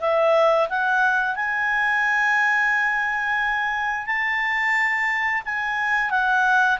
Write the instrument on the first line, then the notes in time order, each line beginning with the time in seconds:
clarinet
0.00 E5
0.69 F#5
1.35 G#5
4.06 A5
5.45 G#5
6.10 F#5